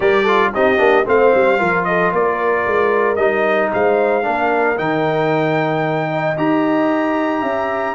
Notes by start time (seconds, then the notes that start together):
0.00 G3 G4 A#4 D5
0.23 F4 A4
0.53 C4 D#4 G4 D#5
0.77 A#3 D4
1.05 A3 C4 C5 F5
1.34 G3
1.57 F3 F4 A#4
1.84 A4 D#5
2.12 A#3 A#4 D5
2.66 G#3
3.15 G3 D#4 D#5
3.73 G#3 C5 F5
4.22 A#3 D4 A#4
4.76 D#3 D#4 G5
6.10 D#5
6.37 D#4 G4 A#5
7.41 C#4 E5